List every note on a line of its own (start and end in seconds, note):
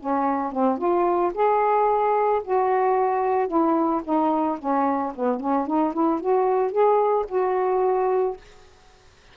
0.00 0.53 C#4
0.53 0.78 C4
0.78 1.32 F4
1.34 2.43 G#4
2.45 3.48 F#4
3.48 4.02 E4
4.05 4.59 D#4
4.59 5.14 C#4
5.16 5.40 B3
5.40 5.67 C#4
5.67 5.94 D#4
5.94 6.21 E4
6.21 6.72 F#4
6.72 7.26 G#4
7.29 8.37 F#4